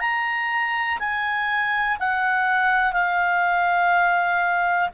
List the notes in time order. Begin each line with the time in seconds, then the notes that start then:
0.00 A#5
0.99 G#5
1.99 F#5
2.93 F5